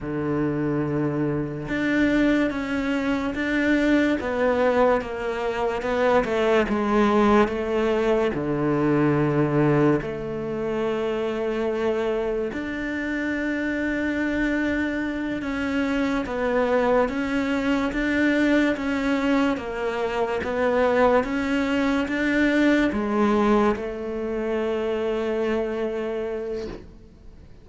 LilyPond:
\new Staff \with { instrumentName = "cello" } { \time 4/4 \tempo 4 = 72 d2 d'4 cis'4 | d'4 b4 ais4 b8 a8 | gis4 a4 d2 | a2. d'4~ |
d'2~ d'8 cis'4 b8~ | b8 cis'4 d'4 cis'4 ais8~ | ais8 b4 cis'4 d'4 gis8~ | gis8 a2.~ a8 | }